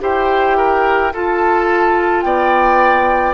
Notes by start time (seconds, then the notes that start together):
0.00 E4 G4 C5 G5
0.57 A#4
1.12 F4 A4 A5
2.22 B3 D5 G5